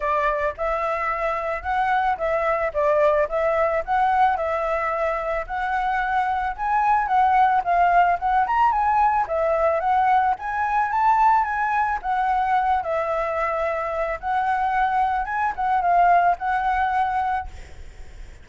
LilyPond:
\new Staff \with { instrumentName = "flute" } { \time 4/4 \tempo 4 = 110 d''4 e''2 fis''4 | e''4 d''4 e''4 fis''4 | e''2 fis''2 | gis''4 fis''4 f''4 fis''8 ais''8 |
gis''4 e''4 fis''4 gis''4 | a''4 gis''4 fis''4. e''8~ | e''2 fis''2 | gis''8 fis''8 f''4 fis''2 | }